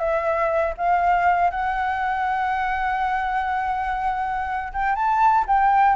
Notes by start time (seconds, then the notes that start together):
0.00 E5
0.78 F5
1.51 F#5
4.74 G5
4.96 A5
5.48 G5